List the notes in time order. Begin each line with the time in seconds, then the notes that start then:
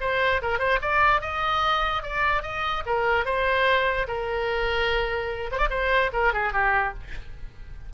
0.00 C5
0.42 A#4
0.58 C5
0.81 D5
1.21 D#5
2.03 D5
2.42 D#5
2.86 A#4
3.25 C5
4.07 A#4
5.51 C5
5.58 D5
5.70 C5
6.13 A#4
6.33 G#4
6.52 G4